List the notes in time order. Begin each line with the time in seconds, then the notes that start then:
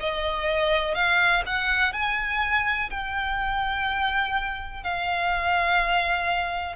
0.00 D#5
0.95 F5
1.46 F#5
1.93 G#5
2.90 G5
4.83 F5